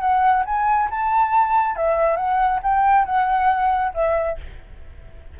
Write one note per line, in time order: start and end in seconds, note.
0.00 0.44 F#5
0.45 0.89 G#5
0.90 1.76 A5
1.76 2.16 E5
2.16 2.60 F#5
2.63 3.05 G5
3.05 3.93 F#5
3.94 4.38 E5